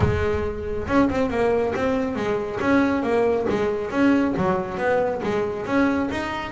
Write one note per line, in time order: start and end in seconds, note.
0.00 0.87 G#3
0.87 1.09 C#4
1.09 1.30 C4
1.30 1.73 A#3
1.75 2.15 C4
2.15 2.59 G#3
2.60 3.02 C#4
3.02 3.46 A#3
3.49 3.90 G#3
3.90 4.34 C#4
4.36 4.77 F#3
4.77 5.21 B3
5.23 5.65 G#3
5.65 6.09 C#4
6.11 6.51 D#4